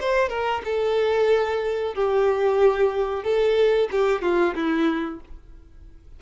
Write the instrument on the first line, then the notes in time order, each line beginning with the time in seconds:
violin
0.00 C5
0.29 A#4
0.64 A4
1.94 G4
3.23 A4
3.91 G4
4.22 F4
4.55 E4